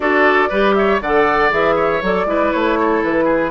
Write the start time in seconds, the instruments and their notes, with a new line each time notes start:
0.00 bassoon D4, clarinet F#4, oboe A4, flute D5
0.49 bassoon G3, clarinet G4, oboe B4
0.74 oboe C#5, flute E5
1.00 bassoon D3, clarinet A4, oboe D5, flute F#5
1.49 bassoon E3, clarinet G#4, flute E5
1.75 oboe C#5
2.02 bassoon F#3, clarinet A4, flute D5
2.25 bassoon G#3, clarinet E4, oboe B4
2.52 bassoon A3, flute C#5
2.79 oboe A4
3.03 bassoon E3, flute B4
3.24 oboe G#4